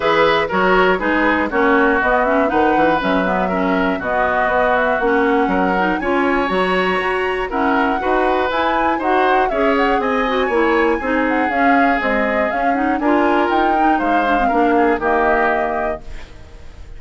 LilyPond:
<<
  \new Staff \with { instrumentName = "flute" } { \time 4/4 \tempo 4 = 120 e''4 cis''4 b'4 cis''4 | dis''8 e''8 fis''4 e''2 | dis''4. e''8 fis''2 | gis''4 ais''2 fis''4~ |
fis''4 gis''4 fis''4 e''8 fis''8 | gis''2~ gis''8 fis''8 f''4 | dis''4 f''8 fis''8 gis''4 g''4 | f''2 dis''2 | }
  \new Staff \with { instrumentName = "oboe" } { \time 4/4 b'4 ais'4 gis'4 fis'4~ | fis'4 b'2 ais'4 | fis'2. ais'4 | cis''2. ais'4 |
b'2 c''4 cis''4 | dis''4 cis''4 gis'2~ | gis'2 ais'2 | c''4 ais'8 gis'8 g'2 | }
  \new Staff \with { instrumentName = "clarinet" } { \time 4/4 gis'4 fis'4 dis'4 cis'4 | b8 cis'8 dis'4 cis'8 b8 cis'4 | b2 cis'4. dis'8 | f'4 fis'2 cis'4 |
fis'4 e'4 fis'4 gis'4~ | gis'8 fis'8 e'4 dis'4 cis'4 | gis4 cis'8 dis'8 f'4. dis'8~ | dis'8 d'16 c'16 d'4 ais2 | }
  \new Staff \with { instrumentName = "bassoon" } { \time 4/4 e4 fis4 gis4 ais4 | b4 dis8 e8 fis2 | b,4 b4 ais4 fis4 | cis'4 fis4 fis'4 e'4 |
dis'4 e'4 dis'4 cis'4 | c'4 ais4 c'4 cis'4 | c'4 cis'4 d'4 dis'4 | gis4 ais4 dis2 | }
>>